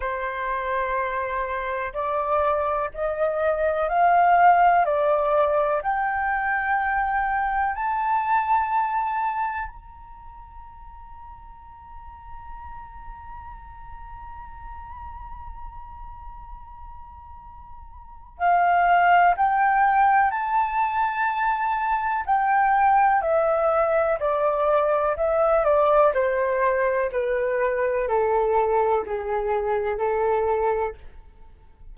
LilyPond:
\new Staff \with { instrumentName = "flute" } { \time 4/4 \tempo 4 = 62 c''2 d''4 dis''4 | f''4 d''4 g''2 | a''2 ais''2~ | ais''1~ |
ais''2. f''4 | g''4 a''2 g''4 | e''4 d''4 e''8 d''8 c''4 | b'4 a'4 gis'4 a'4 | }